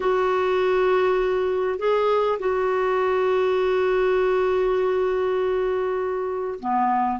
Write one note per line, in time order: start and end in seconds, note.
0.00 1.78 F#4
1.78 2.38 G#4
2.39 6.59 F#4
6.59 7.19 B3